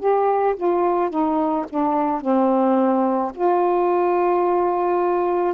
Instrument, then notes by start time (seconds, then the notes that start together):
saxophone
0.00 G4
0.57 F4
1.10 D#4
1.70 D4
2.22 C4
3.35 F4